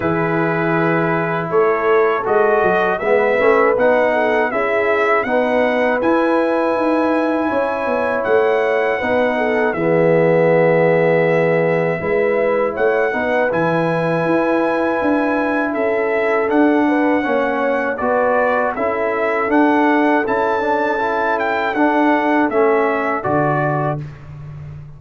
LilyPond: <<
  \new Staff \with { instrumentName = "trumpet" } { \time 4/4 \tempo 4 = 80 b'2 cis''4 dis''4 | e''4 fis''4 e''4 fis''4 | gis''2. fis''4~ | fis''4 e''2.~ |
e''4 fis''4 gis''2~ | gis''4 e''4 fis''2 | d''4 e''4 fis''4 a''4~ | a''8 g''8 fis''4 e''4 d''4 | }
  \new Staff \with { instrumentName = "horn" } { \time 4/4 gis'2 a'2 | b'4. a'8 gis'4 b'4~ | b'2 cis''2 | b'8 a'8 gis'2. |
b'4 cis''8 b'2~ b'8~ | b'4 a'4. b'8 cis''4 | b'4 a'2.~ | a'1 | }
  \new Staff \with { instrumentName = "trombone" } { \time 4/4 e'2. fis'4 | b8 cis'8 dis'4 e'4 dis'4 | e'1 | dis'4 b2. |
e'4. dis'8 e'2~ | e'2 d'4 cis'4 | fis'4 e'4 d'4 e'8 d'8 | e'4 d'4 cis'4 fis'4 | }
  \new Staff \with { instrumentName = "tuba" } { \time 4/4 e2 a4 gis8 fis8 | gis8 a8 b4 cis'4 b4 | e'4 dis'4 cis'8 b8 a4 | b4 e2. |
gis4 a8 b8 e4 e'4 | d'4 cis'4 d'4 ais4 | b4 cis'4 d'4 cis'4~ | cis'4 d'4 a4 d4 | }
>>